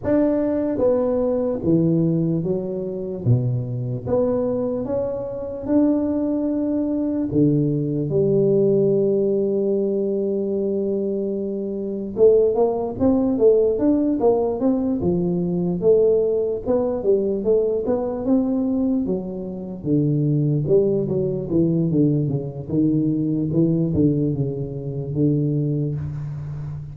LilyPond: \new Staff \with { instrumentName = "tuba" } { \time 4/4 \tempo 4 = 74 d'4 b4 e4 fis4 | b,4 b4 cis'4 d'4~ | d'4 d4 g2~ | g2. a8 ais8 |
c'8 a8 d'8 ais8 c'8 f4 a8~ | a8 b8 g8 a8 b8 c'4 fis8~ | fis8 d4 g8 fis8 e8 d8 cis8 | dis4 e8 d8 cis4 d4 | }